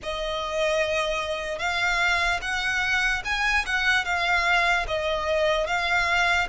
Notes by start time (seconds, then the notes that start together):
0.02 D#5
1.58 F5
2.41 F#5
3.24 G#5
3.66 F#5
4.05 F5
4.87 D#5
5.66 F5